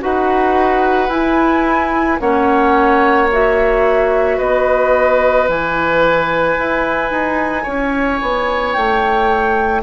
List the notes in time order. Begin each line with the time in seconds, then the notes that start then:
0.00 D#4 F#4 B4 F#5
1.09 E4 G#5
2.20 A#3 C#4 C#5 F#5
3.32 F#4 E5
4.38 B3 B4 D#5
5.48 E3 E4 G#5
6.59 E4
7.11 D#4
7.63 C#4 C#5
8.22 B3
8.73 A3 G5